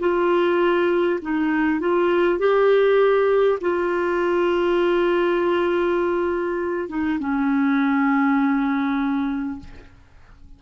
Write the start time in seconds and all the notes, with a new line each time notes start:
0.00 F4
1.22 D#4
1.81 F4
2.39 G4
3.61 F4
6.89 D#4
7.19 C#4